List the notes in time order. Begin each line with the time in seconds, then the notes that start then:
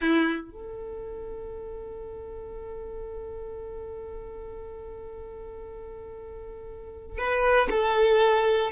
0.01 E4
0.51 A4
7.18 B4
7.70 A4